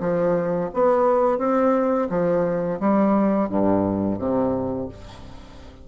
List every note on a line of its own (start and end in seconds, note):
0.00 0.70 F3
0.74 1.38 B3
1.38 2.08 C4
2.09 2.79 F3
2.79 3.49 G3
3.49 4.18 G2
4.18 4.88 C3